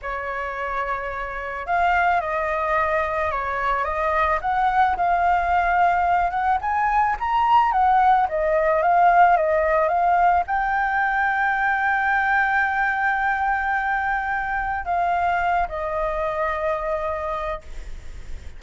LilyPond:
\new Staff \with { instrumentName = "flute" } { \time 4/4 \tempo 4 = 109 cis''2. f''4 | dis''2 cis''4 dis''4 | fis''4 f''2~ f''8 fis''8 | gis''4 ais''4 fis''4 dis''4 |
f''4 dis''4 f''4 g''4~ | g''1~ | g''2. f''4~ | f''8 dis''2.~ dis''8 | }